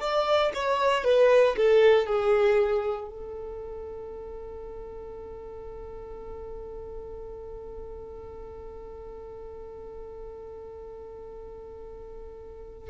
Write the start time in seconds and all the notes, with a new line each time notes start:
0.00 D5
0.54 C#5
1.04 B4
1.57 A4
2.06 G#4
3.09 A4